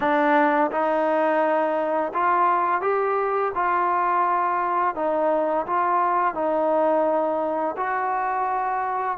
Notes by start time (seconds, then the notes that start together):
0.00 D4
0.71 D#4
2.13 F4
2.81 G4
3.55 F4
4.95 D#4
5.66 F4
6.34 D#4
7.76 F#4